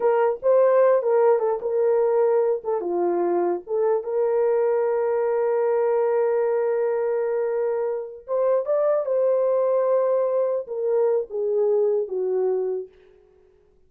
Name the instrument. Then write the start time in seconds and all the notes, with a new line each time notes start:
horn
0.00 A#4
0.42 C5
1.02 A#4
1.39 A4
1.61 A#4
2.63 A4
2.80 F4
3.66 A4
4.03 A#4
8.27 C5
8.65 D5
9.05 C5
10.67 A#4
11.30 G#4
12.07 F#4